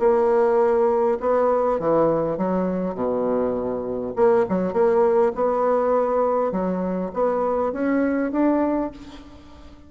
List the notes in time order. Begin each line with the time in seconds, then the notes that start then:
0.00 A#3
1.20 B3
1.80 E3
2.38 F#3
2.95 B2
4.16 A#3
4.50 F#3
4.73 A#3
5.35 B3
6.52 F#3
7.14 B3
7.73 C#4
8.32 D4